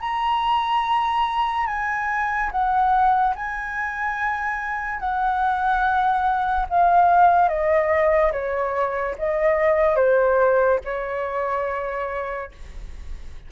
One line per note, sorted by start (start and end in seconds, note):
0.00 1.67 A#5
1.67 2.50 G#5
2.51 3.34 F#5
3.35 5.00 G#5
5.00 6.66 F#5
6.69 7.48 F5
7.48 8.32 D#5
8.32 9.15 C#5
9.18 9.96 D#5
9.96 10.79 C5
10.85 12.52 C#5